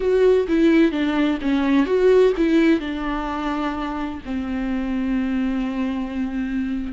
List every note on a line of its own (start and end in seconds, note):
0.00 0.47 F#4
0.48 0.91 E4
0.91 1.38 D4
1.41 1.86 C#4
1.86 2.32 F#4
2.37 2.80 E4
2.80 4.20 D4
4.25 6.92 C4